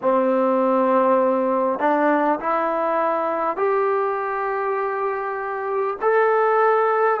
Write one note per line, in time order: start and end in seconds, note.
0.02 1.79 C4
1.79 2.39 D4
2.39 3.57 E4
3.57 5.97 G4
6.01 7.20 A4